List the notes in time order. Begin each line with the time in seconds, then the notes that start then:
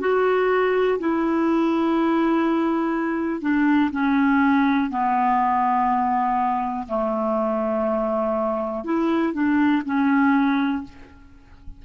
0.00 F#4
0.99 E4
3.42 D4
3.92 C#4
4.90 B3
6.88 A3
8.84 E4
9.33 D4
9.85 C#4